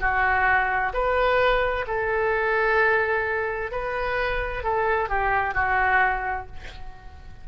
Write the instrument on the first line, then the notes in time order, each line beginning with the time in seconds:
oboe
0.00 F#4
0.93 B4
1.87 A4
3.71 B4
4.63 A4
5.09 G4
5.54 F#4